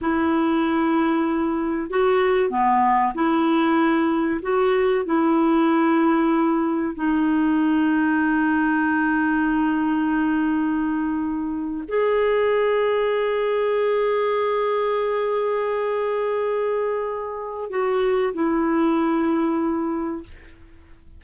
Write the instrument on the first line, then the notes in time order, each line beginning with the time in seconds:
clarinet
0.01 E4
1.89 F#4
2.49 B3
3.14 E4
4.42 F#4
5.05 E4
6.94 D#4
11.88 G#4
17.70 F#4
18.33 E4